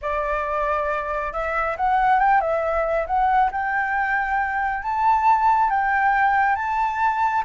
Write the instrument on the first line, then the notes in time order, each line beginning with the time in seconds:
flute
0.01 D5
1.32 E5
1.76 F#5
2.19 G5
2.40 E5
3.07 F#5
3.51 G5
4.83 A5
5.70 G5
6.55 A5